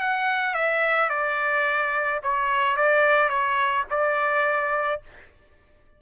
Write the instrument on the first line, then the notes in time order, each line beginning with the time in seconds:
trumpet
0.00 F#5
0.54 E5
1.09 D5
2.22 C#5
2.76 D5
3.29 C#5
3.90 D5